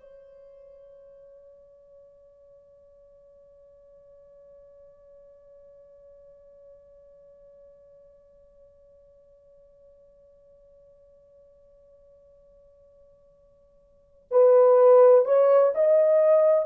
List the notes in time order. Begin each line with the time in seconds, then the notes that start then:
0.00 C#5
14.31 B4
15.25 C#5
15.74 D#5